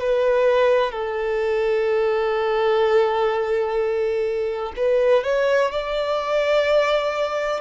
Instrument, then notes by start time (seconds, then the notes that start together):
violin
0.00 B4
0.91 A4
4.76 B4
5.23 C#5
5.71 D5